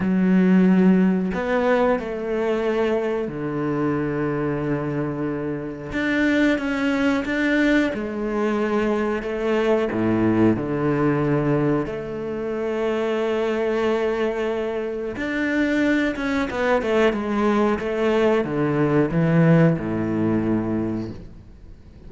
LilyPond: \new Staff \with { instrumentName = "cello" } { \time 4/4 \tempo 4 = 91 fis2 b4 a4~ | a4 d2.~ | d4 d'4 cis'4 d'4 | gis2 a4 a,4 |
d2 a2~ | a2. d'4~ | d'8 cis'8 b8 a8 gis4 a4 | d4 e4 a,2 | }